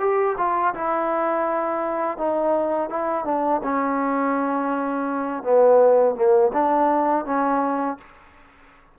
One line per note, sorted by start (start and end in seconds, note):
0.00 0.36 G4
0.38 0.74 F4
0.75 2.18 E4
2.18 2.90 D#4
2.90 3.25 E4
3.25 3.61 D4
3.63 5.43 C#4
5.43 6.15 B3
6.15 6.51 A#3
6.54 7.26 D4
7.26 7.98 C#4